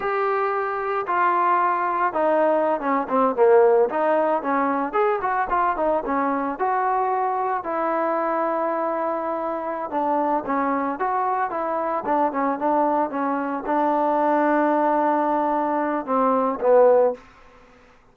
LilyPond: \new Staff \with { instrumentName = "trombone" } { \time 4/4 \tempo 4 = 112 g'2 f'2 | dis'4~ dis'16 cis'8 c'8 ais4 dis'8.~ | dis'16 cis'4 gis'8 fis'8 f'8 dis'8 cis'8.~ | cis'16 fis'2 e'4.~ e'16~ |
e'2~ e'8 d'4 cis'8~ | cis'8 fis'4 e'4 d'8 cis'8 d'8~ | d'8 cis'4 d'2~ d'8~ | d'2 c'4 b4 | }